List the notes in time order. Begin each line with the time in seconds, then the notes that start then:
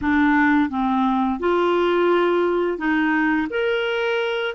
0.01 D4
0.69 C4
1.39 F4
2.77 D#4
3.49 A#4